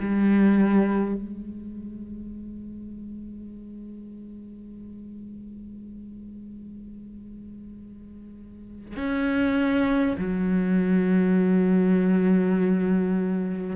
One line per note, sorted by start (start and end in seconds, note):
0.00 1.15 G3
1.15 8.95 G#3
8.96 10.16 C#4
10.17 13.76 F#3